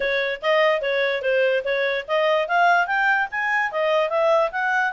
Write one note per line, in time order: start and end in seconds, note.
0.00 0.41 C#5
0.42 0.81 D#5
0.81 1.22 C#5
1.22 1.63 C5
1.64 2.05 C#5
2.07 2.48 D#5
2.48 2.87 F5
2.87 3.28 G5
3.31 3.71 G#5
3.71 4.09 D#5
4.09 4.50 E5
4.51 4.92 F#5